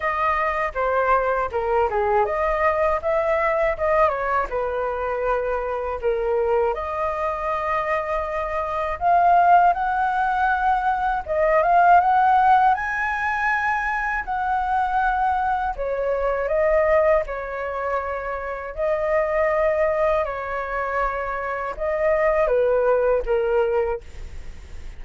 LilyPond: \new Staff \with { instrumentName = "flute" } { \time 4/4 \tempo 4 = 80 dis''4 c''4 ais'8 gis'8 dis''4 | e''4 dis''8 cis''8 b'2 | ais'4 dis''2. | f''4 fis''2 dis''8 f''8 |
fis''4 gis''2 fis''4~ | fis''4 cis''4 dis''4 cis''4~ | cis''4 dis''2 cis''4~ | cis''4 dis''4 b'4 ais'4 | }